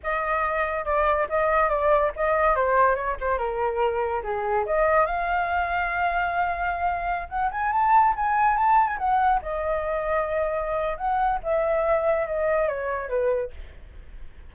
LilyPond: \new Staff \with { instrumentName = "flute" } { \time 4/4 \tempo 4 = 142 dis''2 d''4 dis''4 | d''4 dis''4 c''4 cis''8 c''8 | ais'2 gis'4 dis''4 | f''1~ |
f''4~ f''16 fis''8 gis''8 a''4 gis''8.~ | gis''16 a''8. gis''16 fis''4 dis''4.~ dis''16~ | dis''2 fis''4 e''4~ | e''4 dis''4 cis''4 b'4 | }